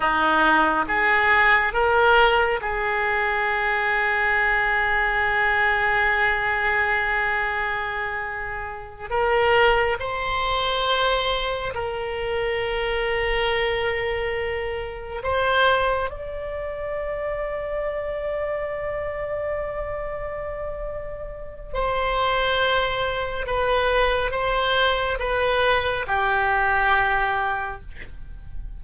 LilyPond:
\new Staff \with { instrumentName = "oboe" } { \time 4/4 \tempo 4 = 69 dis'4 gis'4 ais'4 gis'4~ | gis'1~ | gis'2~ gis'8 ais'4 c''8~ | c''4. ais'2~ ais'8~ |
ais'4. c''4 d''4.~ | d''1~ | d''4 c''2 b'4 | c''4 b'4 g'2 | }